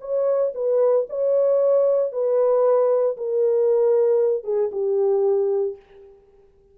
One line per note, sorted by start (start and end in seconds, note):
0.00 0.52 C#5
0.54 1.06 B4
1.09 2.12 C#5
2.12 3.16 B4
3.17 4.43 A#4
4.43 4.70 G#4
4.71 5.76 G4